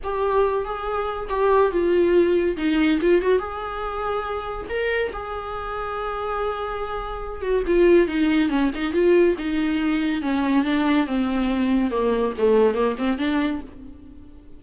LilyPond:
\new Staff \with { instrumentName = "viola" } { \time 4/4 \tempo 4 = 141 g'4. gis'4. g'4 | f'2 dis'4 f'8 fis'8 | gis'2. ais'4 | gis'1~ |
gis'4. fis'8 f'4 dis'4 | cis'8 dis'8 f'4 dis'2 | cis'4 d'4 c'2 | ais4 a4 ais8 c'8 d'4 | }